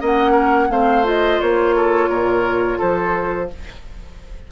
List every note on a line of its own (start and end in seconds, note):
0.00 0.69 A#3
0.00 0.68 C#4
0.00 0.31 D#5
0.00 0.70 F#5
0.31 0.66 A#4
0.68 1.39 A3
0.68 1.03 C4
0.68 1.76 C5
0.68 1.05 F5
1.03 3.48 F4
1.03 1.41 D#5
1.41 2.08 A#3
1.41 2.80 C#5
1.76 2.09 A4
2.08 2.78 A#2
2.08 2.78 A#4
2.78 3.51 F3
2.78 3.48 A4
2.78 3.49 C5